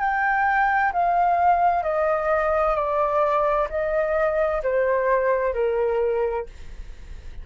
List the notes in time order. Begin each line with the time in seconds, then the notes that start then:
0.00 G5
0.93 F5
1.83 D#5
2.76 D5
3.70 D#5
4.63 C5
5.54 A#4